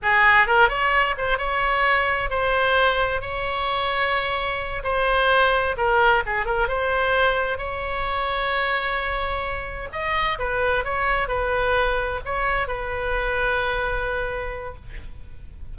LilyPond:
\new Staff \with { instrumentName = "oboe" } { \time 4/4 \tempo 4 = 130 gis'4 ais'8 cis''4 c''8 cis''4~ | cis''4 c''2 cis''4~ | cis''2~ cis''8 c''4.~ | c''8 ais'4 gis'8 ais'8 c''4.~ |
c''8 cis''2.~ cis''8~ | cis''4. dis''4 b'4 cis''8~ | cis''8 b'2 cis''4 b'8~ | b'1 | }